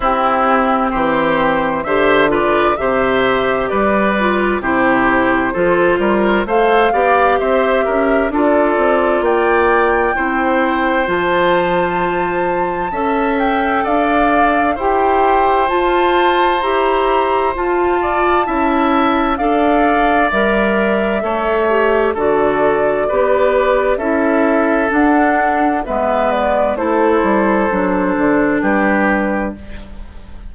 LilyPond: <<
  \new Staff \with { instrumentName = "flute" } { \time 4/4 \tempo 4 = 65 g'4 c''4 e''8 d''8 e''4 | d''4 c''2 f''4 | e''4 d''4 g''2 | a''2~ a''8 g''8 f''4 |
g''4 a''4 ais''4 a''4~ | a''4 f''4 e''2 | d''2 e''4 fis''4 | e''8 d''8 c''2 b'4 | }
  \new Staff \with { instrumentName = "oboe" } { \time 4/4 e'4 g'4 c''8 b'8 c''4 | b'4 g'4 a'8 ais'8 c''8 d''8 | c''8 ais'8 a'4 d''4 c''4~ | c''2 e''4 d''4 |
c''2.~ c''8 d''8 | e''4 d''2 cis''4 | a'4 b'4 a'2 | b'4 a'2 g'4 | }
  \new Staff \with { instrumentName = "clarinet" } { \time 4/4 c'2 g'8 f'8 g'4~ | g'8 f'8 e'4 f'4 a'8 g'8~ | g'4 f'2 e'4 | f'2 a'2 |
g'4 f'4 g'4 f'4 | e'4 a'4 ais'4 a'8 g'8 | fis'4 g'4 e'4 d'4 | b4 e'4 d'2 | }
  \new Staff \with { instrumentName = "bassoon" } { \time 4/4 c'4 e4 d4 c4 | g4 c4 f8 g8 a8 b8 | c'8 cis'8 d'8 c'8 ais4 c'4 | f2 cis'4 d'4 |
e'4 f'4 e'4 f'4 | cis'4 d'4 g4 a4 | d4 b4 cis'4 d'4 | gis4 a8 g8 fis8 d8 g4 | }
>>